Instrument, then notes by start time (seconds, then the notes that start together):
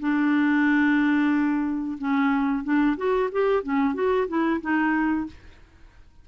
clarinet
0.00 D4
1.98 C#4
2.64 D4
2.97 F#4
3.32 G4
3.63 C#4
3.94 F#4
4.28 E4
4.61 D#4